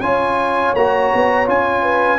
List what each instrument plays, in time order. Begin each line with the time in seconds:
0.00 tuba C#4, trombone F4, horn C#5, trumpet G#5
0.75 tuba A#3, trombone F#4, trumpet A#5
1.14 tuba B3
1.46 tuba C#4, trombone F4, trumpet G#5
1.83 horn B4